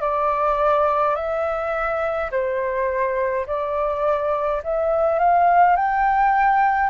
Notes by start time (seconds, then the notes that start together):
0.00 D5
1.15 E5
2.31 C5
3.46 D5
4.63 E5
5.19 F5
5.76 G5